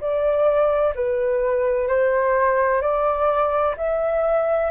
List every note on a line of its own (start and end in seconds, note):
0.00 0.94 D5
0.95 1.87 B4
1.87 2.81 C5
2.81 3.75 D5
3.77 4.70 E5